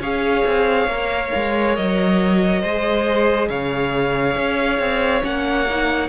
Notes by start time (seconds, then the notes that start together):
0.00 C#4 G#4 C#5 F5
0.45 C4
0.86 A#3 A#4
1.35 G#3
1.76 F#3 D#5
2.61 G#3 G#4 C5
3.49 C#3 C#5 F5
4.36 C#4
4.79 C4
5.22 A#3 C#4 F#5
5.69 D#4